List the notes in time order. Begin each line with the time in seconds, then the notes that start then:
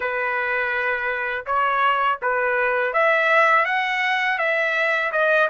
0.00 B4
1.46 C#5
2.22 B4
2.93 E5
3.65 F#5
4.38 E5
5.12 D#5